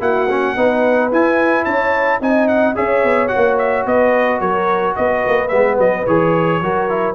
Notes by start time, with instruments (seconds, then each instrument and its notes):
0.00 tuba A#3, trombone E4, horn F#4, trumpet F#5
0.29 trombone C#4
0.55 tuba B3, trombone D#4, horn B4
1.12 tuba E4, trombone E4, trumpet G#5
1.65 tuba C#4, horn C#5, trumpet A5
2.21 tuba C4, trombone D#4, horn D#5, trumpet G#5
2.48 trumpet F#5
2.75 tuba C#4, trombone G#4, horn C#5, trumpet E5
3.04 tuba B3
3.28 trombone F#4, trumpet F#5
3.36 tuba A#3
3.58 trumpet E5
3.86 tuba B3, horn B4, trumpet D#5
4.40 tuba F#3, horn A#4, trumpet C#5
4.96 tuba B3, horn B4, trumpet D#5
5.27 tuba A#3
5.48 tuba G#3, trombone B3, trumpet E5
5.77 tuba F#3, trumpet D#5
6.06 tuba E3, trombone G#4, trumpet C#5
6.61 tuba F#3, trombone F#4, horn A#4
6.89 trombone E4